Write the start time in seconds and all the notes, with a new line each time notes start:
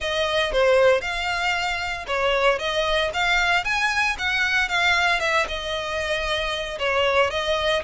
0.00 D#5
0.52 C5
1.01 F5
2.07 C#5
2.58 D#5
3.13 F5
3.64 G#5
4.18 F#5
4.68 F5
5.20 E5
5.48 D#5
6.78 C#5
7.30 D#5